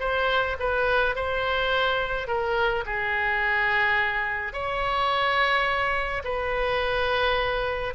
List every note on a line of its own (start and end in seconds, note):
0.00 0.57 C5
0.60 1.16 B4
1.16 2.28 C5
2.28 2.84 A#4
2.86 4.53 G#4
4.53 6.23 C#5
6.24 7.94 B4